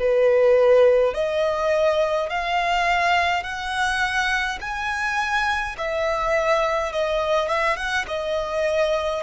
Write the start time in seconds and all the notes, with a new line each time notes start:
0.00 B4
1.15 D#5
2.30 F5
3.44 F#5
4.61 G#5
5.78 E5
6.93 D#5
7.49 E5
7.77 F#5
8.08 D#5